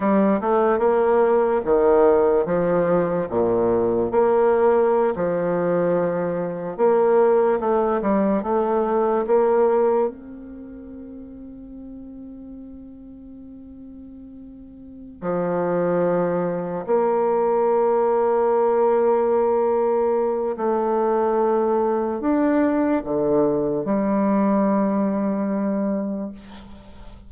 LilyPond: \new Staff \with { instrumentName = "bassoon" } { \time 4/4 \tempo 4 = 73 g8 a8 ais4 dis4 f4 | ais,4 ais4~ ais16 f4.~ f16~ | f16 ais4 a8 g8 a4 ais8.~ | ais16 c'2.~ c'8.~ |
c'2~ c'8 f4.~ | f8 ais2.~ ais8~ | ais4 a2 d'4 | d4 g2. | }